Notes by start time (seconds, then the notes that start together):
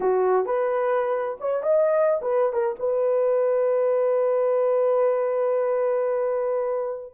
0.00 F#4
0.45 B4
1.40 C#5
1.63 D#5
2.21 B4
2.52 A#4
2.79 B4